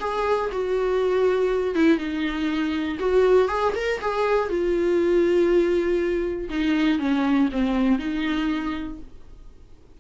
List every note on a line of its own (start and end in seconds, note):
0.00 0.50 G#4
0.52 1.75 F#4
1.75 1.97 E4
1.97 2.97 D#4
2.99 3.48 F#4
3.48 3.73 G#4
3.75 4.00 A#4
4.01 4.49 G#4
4.49 6.49 F4
6.49 6.99 D#4
6.99 7.49 C#4
7.52 7.99 C4
7.99 8.99 D#4